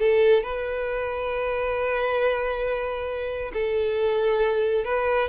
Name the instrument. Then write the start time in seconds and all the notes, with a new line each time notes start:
violin
0.00 A4
0.43 B4
3.54 A4
4.85 B4